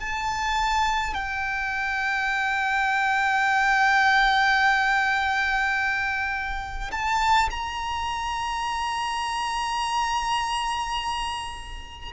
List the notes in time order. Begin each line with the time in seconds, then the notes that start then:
0.00 A5
1.14 G5
6.92 A5
7.51 A#5